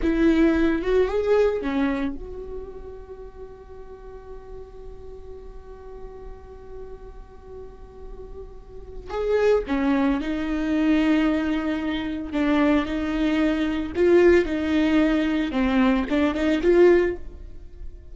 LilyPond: \new Staff \with { instrumentName = "viola" } { \time 4/4 \tempo 4 = 112 e'4. fis'8 gis'4 cis'4 | fis'1~ | fis'1~ | fis'1~ |
fis'4 gis'4 cis'4 dis'4~ | dis'2. d'4 | dis'2 f'4 dis'4~ | dis'4 c'4 d'8 dis'8 f'4 | }